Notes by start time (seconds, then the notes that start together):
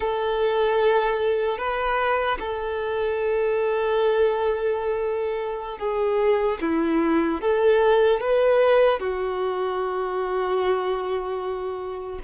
0.00 A4
1.57 B4
2.39 A4
5.78 G#4
6.61 E4
7.41 A4
8.20 B4
8.99 F#4